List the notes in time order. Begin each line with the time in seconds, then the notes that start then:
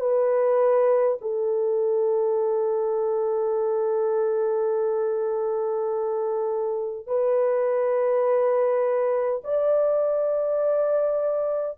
0.00 B4
1.21 A4
7.07 B4
9.44 D5